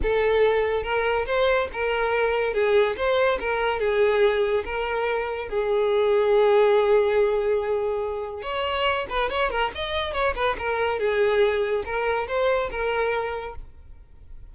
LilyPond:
\new Staff \with { instrumentName = "violin" } { \time 4/4 \tempo 4 = 142 a'2 ais'4 c''4 | ais'2 gis'4 c''4 | ais'4 gis'2 ais'4~ | ais'4 gis'2.~ |
gis'1 | cis''4. b'8 cis''8 ais'8 dis''4 | cis''8 b'8 ais'4 gis'2 | ais'4 c''4 ais'2 | }